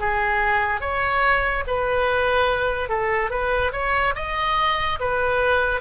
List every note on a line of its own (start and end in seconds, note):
0.00 0.81 G#4
0.81 1.64 C#5
1.67 2.89 B4
2.89 3.30 A4
3.30 3.72 B4
3.72 4.14 C#5
4.16 4.99 D#5
5.00 5.81 B4